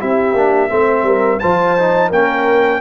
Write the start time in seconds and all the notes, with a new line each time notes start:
0.00 C4 E4 G4 E5
0.34 A#3 D4
0.69 A3 C4 C5
1.03 G3 A#4
1.40 F3 F4 C5 A5
1.79 D#4
2.10 A#3 C#4 A#4 G5